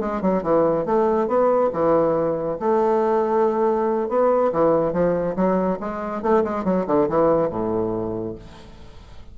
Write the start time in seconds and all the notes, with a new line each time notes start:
0.00 G#3
0.22 F#3
0.43 E3
0.86 A3
1.28 B3
1.73 E3
2.59 A3
4.09 B3
4.52 E3
4.92 F3
5.36 F#3
5.80 G#3
6.22 A3
6.44 G#3
6.64 F#3
6.87 D3
7.09 E3
7.49 A2